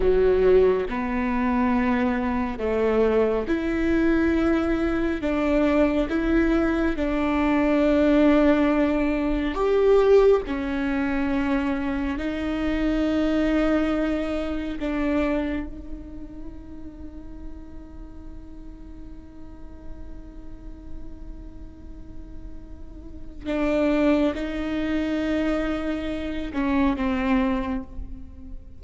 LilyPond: \new Staff \with { instrumentName = "viola" } { \time 4/4 \tempo 4 = 69 fis4 b2 a4 | e'2 d'4 e'4 | d'2. g'4 | cis'2 dis'2~ |
dis'4 d'4 dis'2~ | dis'1~ | dis'2. d'4 | dis'2~ dis'8 cis'8 c'4 | }